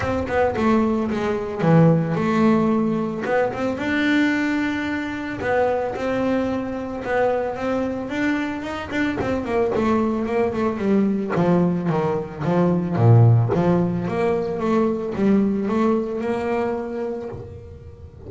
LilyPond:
\new Staff \with { instrumentName = "double bass" } { \time 4/4 \tempo 4 = 111 c'8 b8 a4 gis4 e4 | a2 b8 c'8 d'4~ | d'2 b4 c'4~ | c'4 b4 c'4 d'4 |
dis'8 d'8 c'8 ais8 a4 ais8 a8 | g4 f4 dis4 f4 | ais,4 f4 ais4 a4 | g4 a4 ais2 | }